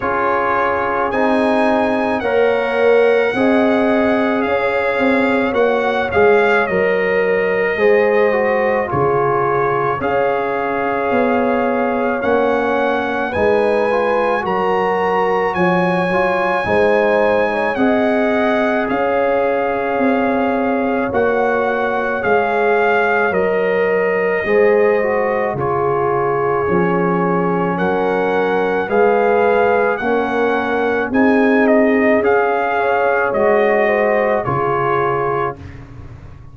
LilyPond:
<<
  \new Staff \with { instrumentName = "trumpet" } { \time 4/4 \tempo 4 = 54 cis''4 gis''4 fis''2 | f''4 fis''8 f''8 dis''2 | cis''4 f''2 fis''4 | gis''4 ais''4 gis''2 |
fis''4 f''2 fis''4 | f''4 dis''2 cis''4~ | cis''4 fis''4 f''4 fis''4 | gis''8 dis''8 f''4 dis''4 cis''4 | }
  \new Staff \with { instrumentName = "horn" } { \time 4/4 gis'2 cis''4 dis''4 | cis''2. c''4 | gis'4 cis''2. | b'4 ais'4 cis''4 c''8. cis''16 |
dis''4 cis''2.~ | cis''2 c''4 gis'4~ | gis'4 ais'4 b'4 ais'4 | gis'4. cis''4 c''8 gis'4 | }
  \new Staff \with { instrumentName = "trombone" } { \time 4/4 f'4 dis'4 ais'4 gis'4~ | gis'4 fis'8 gis'8 ais'4 gis'8 fis'8 | f'4 gis'2 cis'4 | dis'8 f'8 fis'4. f'8 dis'4 |
gis'2. fis'4 | gis'4 ais'4 gis'8 fis'8 f'4 | cis'2 gis'4 cis'4 | dis'4 gis'4 fis'4 f'4 | }
  \new Staff \with { instrumentName = "tuba" } { \time 4/4 cis'4 c'4 ais4 c'4 | cis'8 c'8 ais8 gis8 fis4 gis4 | cis4 cis'4 b4 ais4 | gis4 fis4 f8 fis8 gis4 |
c'4 cis'4 c'4 ais4 | gis4 fis4 gis4 cis4 | f4 fis4 gis4 ais4 | c'4 cis'4 gis4 cis4 | }
>>